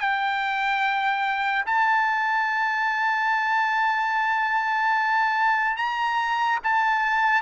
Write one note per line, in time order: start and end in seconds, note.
0.00 1.64 G5
1.66 5.76 A5
5.76 6.59 A#5
6.63 7.41 A5